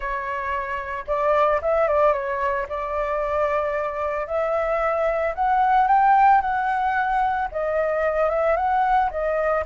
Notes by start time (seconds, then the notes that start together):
0.00 C#5
1.07 D5
1.61 E5
1.87 D5
2.12 C#5
2.69 D5
4.27 E5
5.34 F#5
5.87 G5
6.41 F#5
7.51 D#5
8.29 E5
8.56 F#5
9.10 D#5